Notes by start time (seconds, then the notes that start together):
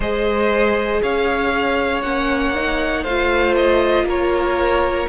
0.00 G#3 G#4 C5 D#5
1.02 C#4 C#5 F5
2.02 A#3 C#4 F#5
2.54 D#4
3.03 A3 F4 C5 F5
3.56 D#5
4.03 A#3 A#4
4.09 C#5